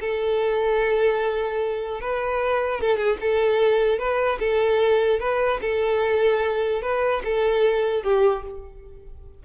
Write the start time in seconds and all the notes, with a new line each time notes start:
0.00 A4
2.00 B4
2.81 A4
2.97 G#4
3.20 A4
3.98 B4
4.39 A4
5.19 B4
5.61 A4
6.82 B4
7.24 A4
8.03 G4